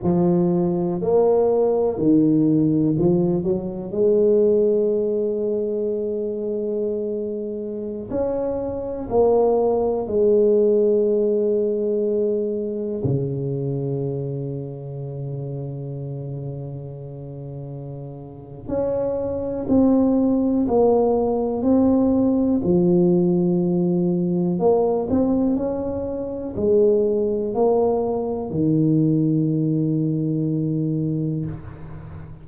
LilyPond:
\new Staff \with { instrumentName = "tuba" } { \time 4/4 \tempo 4 = 61 f4 ais4 dis4 f8 fis8 | gis1~ | gis16 cis'4 ais4 gis4.~ gis16~ | gis4~ gis16 cis2~ cis8.~ |
cis2. cis'4 | c'4 ais4 c'4 f4~ | f4 ais8 c'8 cis'4 gis4 | ais4 dis2. | }